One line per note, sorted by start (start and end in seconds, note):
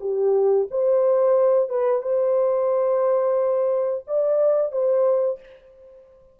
0.00 0.67 G4
0.70 1.69 C5
1.69 2.02 B4
2.02 4.04 C5
4.07 4.72 D5
4.72 5.39 C5